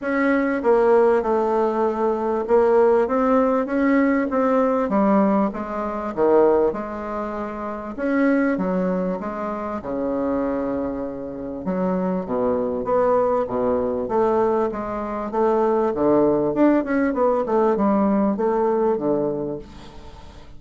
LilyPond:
\new Staff \with { instrumentName = "bassoon" } { \time 4/4 \tempo 4 = 98 cis'4 ais4 a2 | ais4 c'4 cis'4 c'4 | g4 gis4 dis4 gis4~ | gis4 cis'4 fis4 gis4 |
cis2. fis4 | b,4 b4 b,4 a4 | gis4 a4 d4 d'8 cis'8 | b8 a8 g4 a4 d4 | }